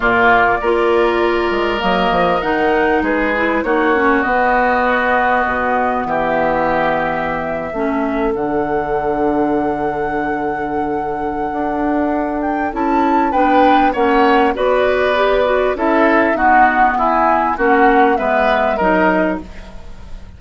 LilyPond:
<<
  \new Staff \with { instrumentName = "flute" } { \time 4/4 \tempo 4 = 99 d''2. dis''4 | fis''4 b'4 cis''4 dis''4~ | dis''2 e''2~ | e''4.~ e''16 fis''2~ fis''16~ |
fis''1~ | fis''8 g''8 a''4 g''4 fis''4 | d''2 e''4 fis''4 | gis''4 fis''4 e''4 dis''4 | }
  \new Staff \with { instrumentName = "oboe" } { \time 4/4 f'4 ais'2.~ | ais'4 gis'4 fis'2~ | fis'2 g'2~ | g'8. a'2.~ a'16~ |
a'1~ | a'2 b'4 cis''4 | b'2 a'4 fis'4 | e'4 fis'4 b'4 ais'4 | }
  \new Staff \with { instrumentName = "clarinet" } { \time 4/4 ais4 f'2 ais4 | dis'4. e'8 dis'8 cis'8 b4~ | b1~ | b8. cis'4 d'2~ d'16~ |
d'1~ | d'4 e'4 d'4 cis'4 | fis'4 g'8 fis'8 e'4 b4~ | b4 cis'4 b4 dis'4 | }
  \new Staff \with { instrumentName = "bassoon" } { \time 4/4 ais,4 ais4. gis8 fis8 f8 | dis4 gis4 ais4 b4~ | b4 b,4 e2~ | e8. a4 d2~ d16~ |
d2. d'4~ | d'4 cis'4 b4 ais4 | b2 cis'4 dis'4 | e'4 ais4 gis4 fis4 | }
>>